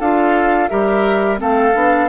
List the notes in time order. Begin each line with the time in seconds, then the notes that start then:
0.00 D4 F4 A4 F5
0.69 G3 G4 A#4 E5
1.37 A3 C4 A4 F5
1.75 B3 D4